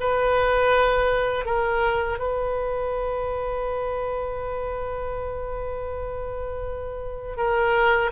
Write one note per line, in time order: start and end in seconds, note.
0.00 1.45 B4
1.45 2.19 A#4
2.19 7.37 B4
7.37 8.11 A#4